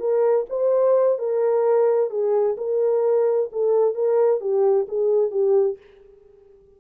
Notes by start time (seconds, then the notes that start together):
0.00 A#4
0.50 C5
1.19 A#4
2.10 G#4
2.58 A#4
3.53 A4
3.95 A#4
4.41 G4
4.89 G#4
5.32 G4